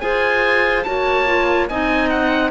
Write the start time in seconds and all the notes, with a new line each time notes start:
0.00 F4 G#4 C5 G#5
0.83 A#3 F#4 C#5 A5
1.26 F4
1.69 C4 D#4 D#5 G#5
2.10 F#5